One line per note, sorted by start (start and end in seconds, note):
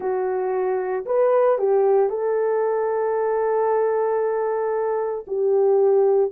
0.00 1.05 F#4
1.05 1.58 B4
1.58 2.09 G4
2.09 5.25 A4
5.27 6.31 G4